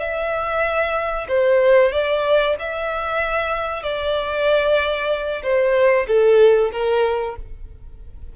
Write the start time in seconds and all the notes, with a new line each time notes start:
0.00 E5
1.29 C5
1.93 D5
2.60 E5
3.84 D5
5.43 C5
6.08 A4
6.73 A#4